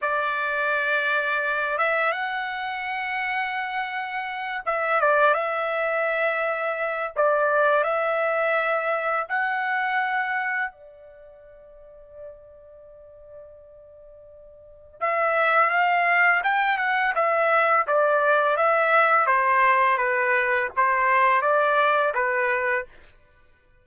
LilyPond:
\new Staff \with { instrumentName = "trumpet" } { \time 4/4 \tempo 4 = 84 d''2~ d''8 e''8 fis''4~ | fis''2~ fis''8 e''8 d''8 e''8~ | e''2 d''4 e''4~ | e''4 fis''2 d''4~ |
d''1~ | d''4 e''4 f''4 g''8 fis''8 | e''4 d''4 e''4 c''4 | b'4 c''4 d''4 b'4 | }